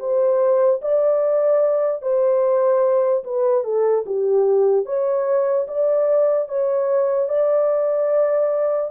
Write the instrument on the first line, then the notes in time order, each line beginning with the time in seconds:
horn
0.00 C5
0.82 D5
2.02 C5
3.24 B4
3.64 A4
4.06 G4
4.86 C#5
5.68 D5
6.49 C#5
7.29 D5